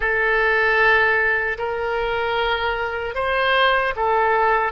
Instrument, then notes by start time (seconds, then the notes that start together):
oboe
0.00 A4
1.58 A#4
3.14 C5
3.96 A4